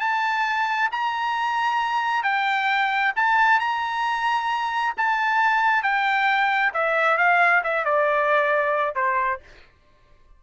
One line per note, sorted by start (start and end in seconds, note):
0.00 0.90 A5
0.92 2.23 A#5
2.23 3.13 G5
3.16 3.60 A5
3.60 4.94 A#5
4.97 5.83 A5
5.83 6.72 G5
6.74 7.17 E5
7.17 7.62 F5
7.64 7.85 E5
7.85 8.95 D5
8.95 9.40 C5